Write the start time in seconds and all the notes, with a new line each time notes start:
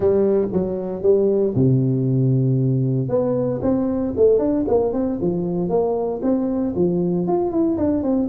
0.00 G3
0.52 F#3
1.02 G3
1.55 C3
3.08 B3
3.61 C4
4.16 A3
4.38 D4
4.68 A#3
4.93 C4
5.21 F3
5.69 A#3
6.22 C4
6.75 F3
7.27 F4
7.51 E4
7.77 D4
8.02 C4